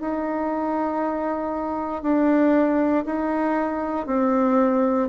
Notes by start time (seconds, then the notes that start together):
0.00 D#4
2.02 D4
3.05 D#4
4.06 C4